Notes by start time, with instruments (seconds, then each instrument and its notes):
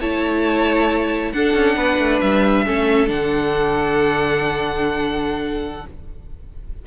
0.00 cello A3, viola E4, violin C#5 A5
1.32 cello D4, viola D4, violin A4 F#5
1.54 cello C#4
1.76 cello B3, violin B4
1.98 cello A3
2.20 cello G3, violin E5
2.66 cello A3, viola C#4, violin A4
3.07 cello D3, viola D4, violin F#5